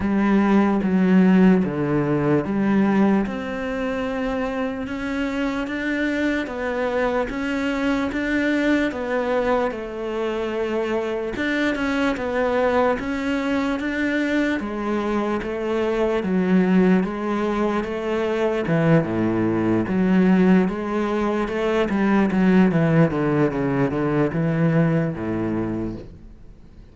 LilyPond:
\new Staff \with { instrumentName = "cello" } { \time 4/4 \tempo 4 = 74 g4 fis4 d4 g4 | c'2 cis'4 d'4 | b4 cis'4 d'4 b4 | a2 d'8 cis'8 b4 |
cis'4 d'4 gis4 a4 | fis4 gis4 a4 e8 a,8~ | a,8 fis4 gis4 a8 g8 fis8 | e8 d8 cis8 d8 e4 a,4 | }